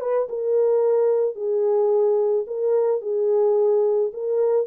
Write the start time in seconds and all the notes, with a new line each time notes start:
0.00 B4
0.29 A#4
1.35 G#4
2.47 A#4
3.01 G#4
4.13 A#4